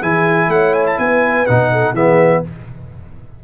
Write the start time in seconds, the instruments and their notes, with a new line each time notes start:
0.00 tuba E3, trombone E4, horn G#4, trumpet G#5
0.48 tuba A3, horn C#5, trumpet F#5
0.73 trumpet G#5
0.86 trumpet A5
0.98 tuba B3, horn B4, trumpet G#5
1.46 tuba B2, trombone D#4, trumpet F#5
1.72 horn A4
1.93 tuba E3, trombone B3, horn G#4, trumpet E5